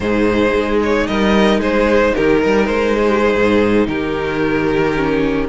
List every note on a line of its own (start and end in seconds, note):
0.00 0.53 G#2
0.00 4.96 D#4
0.00 1.08 G#4
0.00 0.78 C5
0.54 1.08 G#3
0.83 1.06 C#5
1.06 1.58 G3
1.06 1.60 A#4
1.06 1.60 D#5
1.58 2.12 G#3
1.58 2.13 G#4
1.58 2.14 C5
2.14 2.45 D#3
2.14 2.41 G4
2.14 2.66 A#4
2.42 2.68 G3
2.42 2.96 A#4
2.66 3.35 G#3
2.66 3.86 C5
2.96 3.08 G#4
3.08 3.20 G4
3.20 3.87 G#4
3.35 3.87 G#2
3.87 5.48 D#3
3.87 5.48 G4
3.87 5.48 A#4
4.96 5.48 C#4